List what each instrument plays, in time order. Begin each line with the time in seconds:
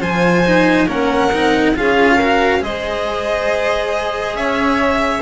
0.00 double bass F3, cello F4, violin C5 G#5
0.46 cello D#4
0.87 double bass A#3, cello C#4, violin A#4 F#5
1.32 double bass C4, cello D#4
1.76 double bass C#4, cello F4, violin G#4 F5
2.16 cello F#4, violin A#4
2.60 double bass G#3, cello G#4, violin C5 D#5
4.34 double bass C#4, violin C#5 E5